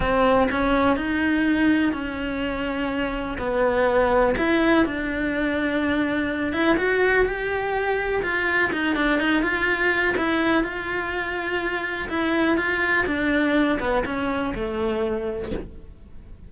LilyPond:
\new Staff \with { instrumentName = "cello" } { \time 4/4 \tempo 4 = 124 c'4 cis'4 dis'2 | cis'2. b4~ | b4 e'4 d'2~ | d'4. e'8 fis'4 g'4~ |
g'4 f'4 dis'8 d'8 dis'8 f'8~ | f'4 e'4 f'2~ | f'4 e'4 f'4 d'4~ | d'8 b8 cis'4 a2 | }